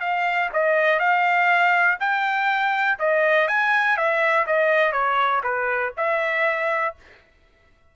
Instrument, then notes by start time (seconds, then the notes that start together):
trumpet
0.00 F5
0.53 D#5
0.99 F5
2.00 G5
2.99 D#5
3.47 G#5
3.97 E5
4.46 D#5
4.92 C#5
5.43 B4
5.97 E5